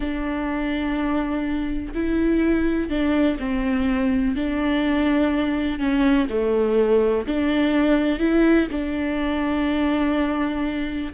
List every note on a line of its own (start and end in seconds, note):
0.00 1.93 D4
1.94 2.89 E4
2.89 3.37 D4
3.39 4.35 C4
4.35 5.79 D4
5.79 6.27 C#4
6.29 7.26 A3
7.26 8.19 D4
8.19 8.67 E4
8.71 11.13 D4